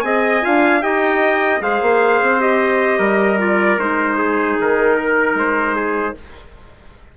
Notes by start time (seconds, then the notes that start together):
0.00 C4 G#4 D#5 G#5
0.41 D4 F4 F5
0.81 D#4 G4 D#5 G5
1.60 G#3 G#4 C5 F5
1.81 A#3
2.21 C4
2.39 G4 D#5
2.98 G3 A#4
3.37 F4 D5
3.77 G#3 D#4 C5
4.17 G#4
4.59 D#3 A#4
4.96 A#4
5.34 G#3 C5
5.75 G#4